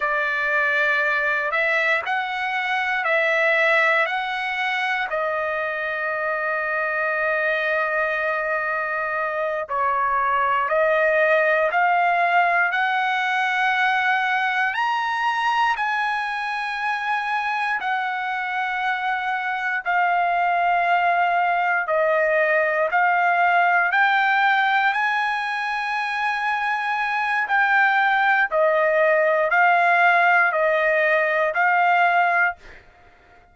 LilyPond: \new Staff \with { instrumentName = "trumpet" } { \time 4/4 \tempo 4 = 59 d''4. e''8 fis''4 e''4 | fis''4 dis''2.~ | dis''4. cis''4 dis''4 f''8~ | f''8 fis''2 ais''4 gis''8~ |
gis''4. fis''2 f''8~ | f''4. dis''4 f''4 g''8~ | g''8 gis''2~ gis''8 g''4 | dis''4 f''4 dis''4 f''4 | }